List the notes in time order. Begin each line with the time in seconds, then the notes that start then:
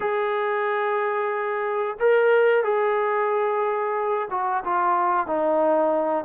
0.00 G#4
1.99 A#4
2.63 G#4
4.30 F#4
4.64 F4
5.27 D#4